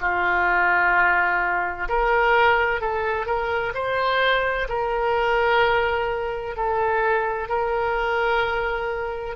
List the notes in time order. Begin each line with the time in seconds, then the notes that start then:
0.00 F4
1.88 A#4
2.81 A4
3.26 A#4
3.74 C5
4.68 A#4
6.56 A4
7.48 A#4